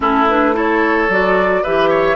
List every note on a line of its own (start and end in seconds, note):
0.00 1.08 A3
0.00 0.27 C#4
0.00 0.55 E4
0.00 0.28 A4
0.28 0.53 D4
0.28 0.56 B4
0.53 1.07 E4
0.53 1.62 A4
0.53 1.11 C#5
1.08 1.63 F#3
1.08 1.64 F#4
1.08 1.64 D5
1.62 2.15 E3
1.62 2.15 G4
1.62 1.89 B4
1.62 2.15 E5
1.89 2.15 C#5